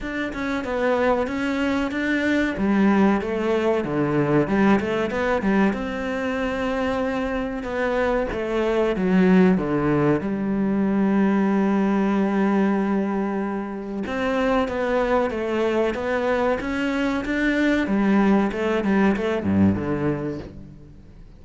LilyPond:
\new Staff \with { instrumentName = "cello" } { \time 4/4 \tempo 4 = 94 d'8 cis'8 b4 cis'4 d'4 | g4 a4 d4 g8 a8 | b8 g8 c'2. | b4 a4 fis4 d4 |
g1~ | g2 c'4 b4 | a4 b4 cis'4 d'4 | g4 a8 g8 a8 g,8 d4 | }